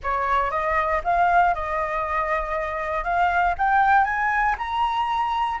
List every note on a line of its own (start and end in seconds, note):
0.03 0.50 C#5
0.50 1.01 D#5
1.04 1.54 F5
1.54 3.04 D#5
3.04 3.55 F5
3.58 4.04 G5
4.04 4.55 G#5
4.58 5.59 A#5